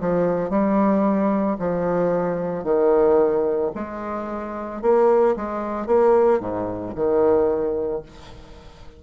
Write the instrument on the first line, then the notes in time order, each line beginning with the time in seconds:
bassoon
0.00 F3
0.49 G3
1.59 F3
2.63 D#3
3.75 G#3
4.82 A#3
5.36 G#3
5.86 A#3
6.39 G#2
6.94 D#3